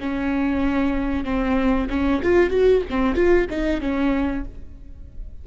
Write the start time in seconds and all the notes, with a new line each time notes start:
0.00 C#4
1.24 C4
1.89 C#4
2.23 F4
2.50 F#4
2.90 C4
3.15 F4
3.50 D#4
3.81 C#4